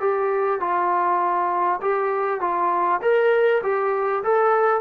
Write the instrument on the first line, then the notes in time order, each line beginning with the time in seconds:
trombone
0.00 G4
0.60 F4
1.81 G4
2.40 F4
3.01 A#4
3.63 G4
4.23 A4